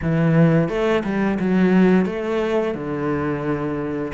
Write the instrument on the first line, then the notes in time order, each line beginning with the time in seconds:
cello
0.02 E3
0.68 A3
1.03 G3
1.39 F#3
2.05 A3
2.74 D3